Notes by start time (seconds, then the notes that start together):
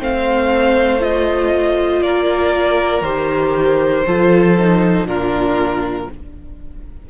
0.00 A3 C4 C5 F5
1.00 F4 D#5
2.01 A#3 A#4 D5
3.02 D#3 G4 C5
4.06 F3 F4 A4
4.59 D#4
5.04 A#2 D4 F4 A#4